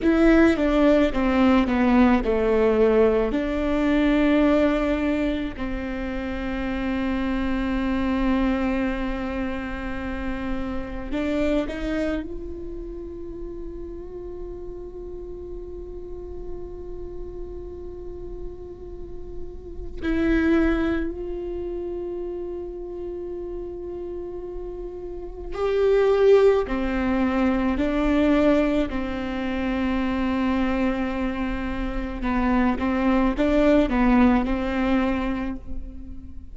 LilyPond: \new Staff \with { instrumentName = "viola" } { \time 4/4 \tempo 4 = 54 e'8 d'8 c'8 b8 a4 d'4~ | d'4 c'2.~ | c'2 d'8 dis'8 f'4~ | f'1~ |
f'2 e'4 f'4~ | f'2. g'4 | c'4 d'4 c'2~ | c'4 b8 c'8 d'8 b8 c'4 | }